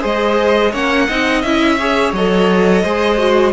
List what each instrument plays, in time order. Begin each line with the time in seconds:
0.00 cello G#3, viola G#4, violin C5 D#5
0.71 cello A#3, viola C#4, violin C#5 F#5
1.07 cello C4, viola D#4, violin D#5
1.42 cello C#4, viola E4, violin E5
1.79 viola G#4, violin C#5
2.13 cello F#3, viola A4, violin D#5
2.83 cello G#3, viola G#4, violin C5
3.19 viola F#4